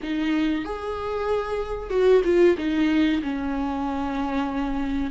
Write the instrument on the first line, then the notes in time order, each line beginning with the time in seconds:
viola
0.02 D#4
0.64 G#4
1.90 F#4
2.24 F4
2.57 D#4
3.22 C#4